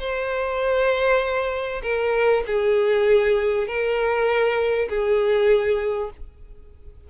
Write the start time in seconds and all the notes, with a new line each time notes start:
0.00 C5
1.83 A#4
2.47 G#4
3.67 A#4
4.89 G#4